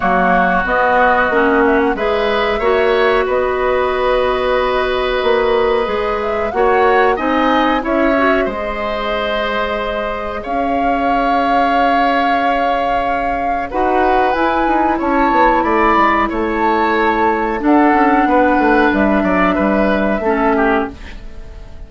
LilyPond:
<<
  \new Staff \with { instrumentName = "flute" } { \time 4/4 \tempo 4 = 92 cis''4 dis''4. e''16 fis''16 e''4~ | e''4 dis''2.~ | dis''4. e''8 fis''4 gis''4 | e''4 dis''2. |
f''1~ | f''4 fis''4 gis''4 a''4 | b''4 a''2 fis''4~ | fis''4 e''2. | }
  \new Staff \with { instrumentName = "oboe" } { \time 4/4 fis'2. b'4 | cis''4 b'2.~ | b'2 cis''4 dis''4 | cis''4 c''2. |
cis''1~ | cis''4 b'2 cis''4 | d''4 cis''2 a'4 | b'4. d''8 b'4 a'8 g'8 | }
  \new Staff \with { instrumentName = "clarinet" } { \time 4/4 ais4 b4 cis'4 gis'4 | fis'1~ | fis'4 gis'4 fis'4 dis'4 | e'8 fis'8 gis'2.~ |
gis'1~ | gis'4 fis'4 e'2~ | e'2. d'4~ | d'2. cis'4 | }
  \new Staff \with { instrumentName = "bassoon" } { \time 4/4 fis4 b4 ais4 gis4 | ais4 b2. | ais4 gis4 ais4 c'4 | cis'4 gis2. |
cis'1~ | cis'4 dis'4 e'8 dis'8 cis'8 b8 | a8 gis8 a2 d'8 cis'8 | b8 a8 g8 fis8 g4 a4 | }
>>